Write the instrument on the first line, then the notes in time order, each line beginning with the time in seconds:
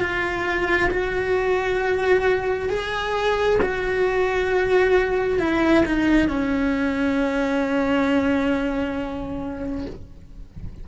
cello
0.00 F4
0.90 F#4
2.69 G#4
3.61 F#4
5.39 E4
5.85 D#4
6.28 C#4